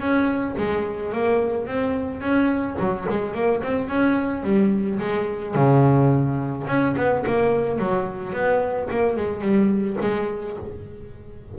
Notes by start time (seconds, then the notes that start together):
0.00 C#4
0.58 G#3
1.13 A#3
1.67 C4
2.21 C#4
2.80 F#3
3.10 G#3
3.35 A#3
3.63 C4
3.89 C#4
4.43 G3
5.00 G#3
5.55 C#3
6.68 C#4
6.97 B3
7.27 A#3
7.79 F#3
8.33 B3
8.91 A#3
9.17 G#3
9.42 G3
10.02 G#3